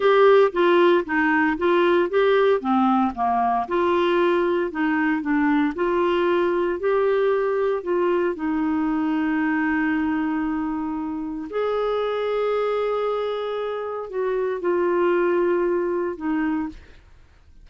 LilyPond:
\new Staff \with { instrumentName = "clarinet" } { \time 4/4 \tempo 4 = 115 g'4 f'4 dis'4 f'4 | g'4 c'4 ais4 f'4~ | f'4 dis'4 d'4 f'4~ | f'4 g'2 f'4 |
dis'1~ | dis'2 gis'2~ | gis'2. fis'4 | f'2. dis'4 | }